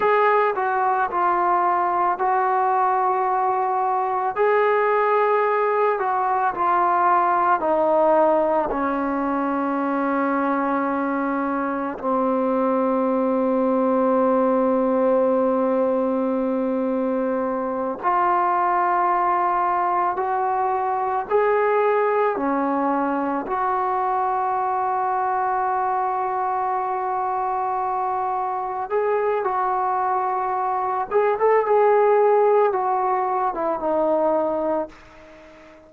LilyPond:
\new Staff \with { instrumentName = "trombone" } { \time 4/4 \tempo 4 = 55 gis'8 fis'8 f'4 fis'2 | gis'4. fis'8 f'4 dis'4 | cis'2. c'4~ | c'1~ |
c'8 f'2 fis'4 gis'8~ | gis'8 cis'4 fis'2~ fis'8~ | fis'2~ fis'8 gis'8 fis'4~ | fis'8 gis'16 a'16 gis'4 fis'8. e'16 dis'4 | }